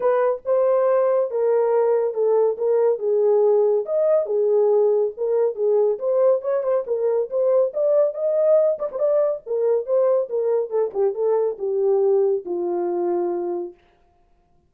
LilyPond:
\new Staff \with { instrumentName = "horn" } { \time 4/4 \tempo 4 = 140 b'4 c''2 ais'4~ | ais'4 a'4 ais'4 gis'4~ | gis'4 dis''4 gis'2 | ais'4 gis'4 c''4 cis''8 c''8 |
ais'4 c''4 d''4 dis''4~ | dis''8 d''16 c''16 d''4 ais'4 c''4 | ais'4 a'8 g'8 a'4 g'4~ | g'4 f'2. | }